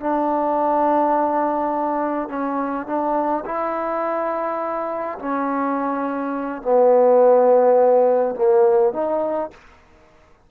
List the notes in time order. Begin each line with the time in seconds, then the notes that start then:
0.00 D4
2.29 C#4
2.86 D4
3.45 E4
5.19 C#4
6.62 B3
8.35 A#3
8.93 D#4